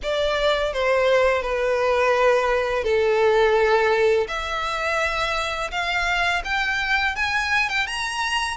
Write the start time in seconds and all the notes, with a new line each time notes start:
0.02 D5
0.73 C5
1.42 B4
2.84 A4
4.28 E5
5.71 F5
6.44 G5
7.15 G#5
7.69 G5
7.86 A#5